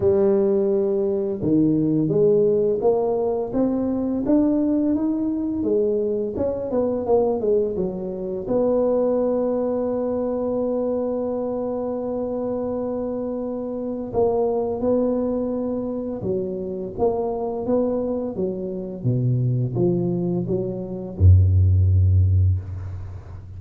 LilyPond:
\new Staff \with { instrumentName = "tuba" } { \time 4/4 \tempo 4 = 85 g2 dis4 gis4 | ais4 c'4 d'4 dis'4 | gis4 cis'8 b8 ais8 gis8 fis4 | b1~ |
b1 | ais4 b2 fis4 | ais4 b4 fis4 b,4 | f4 fis4 fis,2 | }